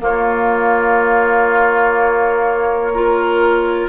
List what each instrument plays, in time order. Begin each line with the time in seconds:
0.00 clarinet A#3, bassoon A#3, oboe F4, flute C#5
2.94 clarinet F4, oboe A#4